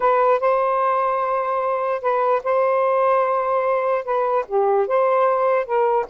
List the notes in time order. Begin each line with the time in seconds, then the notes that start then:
0.00 B4
0.39 C5
2.01 B4
2.43 C5
4.04 B4
4.47 G4
4.87 C5
5.65 A#4